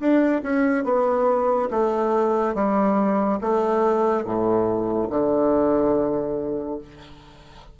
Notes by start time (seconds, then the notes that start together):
0.00 D4
0.43 C#4
0.85 B3
1.71 A3
2.55 G3
3.41 A3
4.25 A2
5.10 D3